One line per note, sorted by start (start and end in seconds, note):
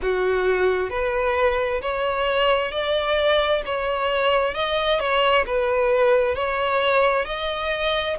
0.02 0.90 F#4
0.90 1.81 B4
1.81 2.71 C#5
2.71 3.62 D5
3.65 4.54 C#5
4.54 4.99 D#5
4.99 5.45 C#5
5.46 6.35 B4
6.35 7.25 C#5
7.25 8.16 D#5